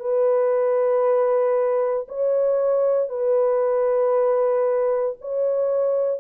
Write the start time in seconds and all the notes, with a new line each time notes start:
0.00 B4
2.08 C#5
3.09 B4
5.21 C#5